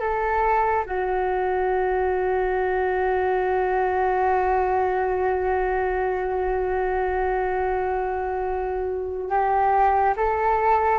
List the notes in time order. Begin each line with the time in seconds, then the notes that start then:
0.00 A4
0.86 F#4
9.30 G4
10.17 A4